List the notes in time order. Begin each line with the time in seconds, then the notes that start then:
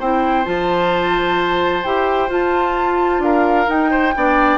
0.00 C4 E4 C5 G5
0.45 F3 F4 A5
1.84 E4 G4 G5
2.29 F4 A5
3.20 D4 A#4 F5
3.67 D#4 G5
3.91 C5
4.16 B3 D4 D5